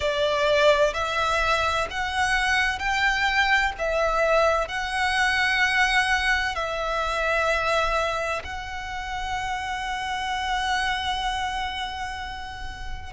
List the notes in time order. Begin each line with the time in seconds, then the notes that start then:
0.00 D5
0.93 E5
1.90 F#5
2.78 G5
3.78 E5
4.68 F#5
6.55 E5
8.44 F#5